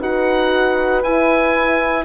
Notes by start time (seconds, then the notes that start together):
0.00 D#4 F#4 B4 F#5
1.03 E4 G#5